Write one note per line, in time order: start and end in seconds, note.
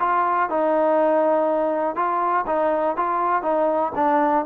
0.00 0.50 F4
0.50 1.96 D#4
1.96 2.46 F4
2.47 2.97 D#4
2.97 3.43 F4
3.43 3.93 D#4
3.96 4.46 D4